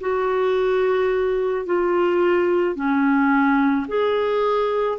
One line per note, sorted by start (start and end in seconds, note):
0.00 1.66 F#4
1.66 2.75 F4
2.75 3.86 C#4
3.87 4.98 G#4